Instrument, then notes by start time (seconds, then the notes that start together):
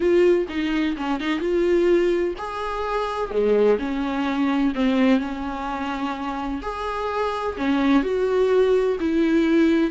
viola
0.00 F4
0.49 D#4
0.97 C#4
1.20 D#4
1.39 F4
2.38 G#4
3.30 G#3
3.78 C#4
4.74 C4
5.19 C#4
6.62 G#4
7.57 C#4
8.02 F#4
9.00 E4